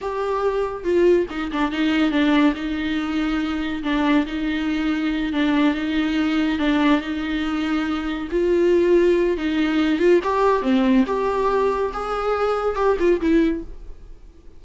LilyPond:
\new Staff \with { instrumentName = "viola" } { \time 4/4 \tempo 4 = 141 g'2 f'4 dis'8 d'8 | dis'4 d'4 dis'2~ | dis'4 d'4 dis'2~ | dis'8 d'4 dis'2 d'8~ |
d'8 dis'2. f'8~ | f'2 dis'4. f'8 | g'4 c'4 g'2 | gis'2 g'8 f'8 e'4 | }